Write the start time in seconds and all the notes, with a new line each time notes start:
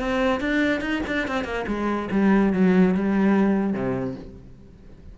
0.00 C4
0.41 D4
0.81 D#4
1.07 D4
1.28 C4
1.45 A#3
1.67 G#3
2.12 G3
2.53 F#3
2.95 G3
3.73 C3